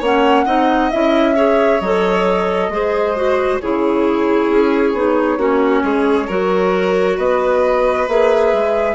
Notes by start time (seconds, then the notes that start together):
0.00 A#3 C#4 C#5 F#5
0.46 C4 D#4 D#5
0.91 C#4 E4 E5
1.35 G#4 C#5
1.81 F#3 A4 D#5
2.69 G#3 G#4 C5
3.16 F#4
3.61 C#3 E4 G#4 C#5
4.49 C#4
4.93 B3 D#4
5.38 A#3 C#4 F#4
5.84 G#3 G#4
6.27 F#3 F#4 A#4
7.17 B3 B4 D#5
8.08 A#3 G#4 E5
8.53 G#3